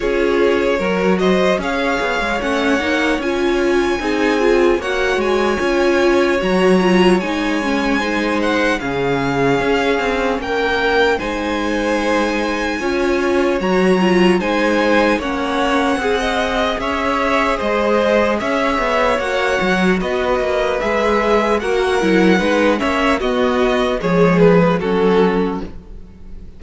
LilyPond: <<
  \new Staff \with { instrumentName = "violin" } { \time 4/4 \tempo 4 = 75 cis''4. dis''8 f''4 fis''4 | gis''2 fis''8 gis''4. | ais''4 gis''4. fis''8 f''4~ | f''4 g''4 gis''2~ |
gis''4 ais''4 gis''4 fis''4~ | fis''4 e''4 dis''4 e''4 | fis''4 dis''4 e''4 fis''4~ | fis''8 e''8 dis''4 cis''8 b'8 a'4 | }
  \new Staff \with { instrumentName = "violin" } { \time 4/4 gis'4 ais'8 c''8 cis''2~ | cis''4 gis'4 cis''2~ | cis''2 c''4 gis'4~ | gis'4 ais'4 c''2 |
cis''2 c''4 cis''4 | gis'16 dis''8. cis''4 c''4 cis''4~ | cis''4 b'2 ais'4 | b'8 cis''8 fis'4 gis'4 fis'4 | }
  \new Staff \with { instrumentName = "viola" } { \time 4/4 f'4 fis'4 gis'4 cis'8 dis'8 | f'4 dis'8 f'8 fis'4 f'4 | fis'8 f'8 dis'8 cis'8 dis'4 cis'4~ | cis'2 dis'2 |
f'4 fis'8 f'8 dis'4 cis'4 | gis'1 | fis'2 gis'4 fis'8 e'8 | dis'8 cis'8 b4 gis4 cis'4 | }
  \new Staff \with { instrumentName = "cello" } { \time 4/4 cis'4 fis4 cis'8 b16 gis16 a8 ais8 | cis'4 c'4 ais8 gis8 cis'4 | fis4 gis2 cis4 | cis'8 c'8 ais4 gis2 |
cis'4 fis4 gis4 ais4 | c'4 cis'4 gis4 cis'8 b8 | ais8 fis8 b8 ais8 gis4 ais8 fis8 | gis8 ais8 b4 f4 fis4 | }
>>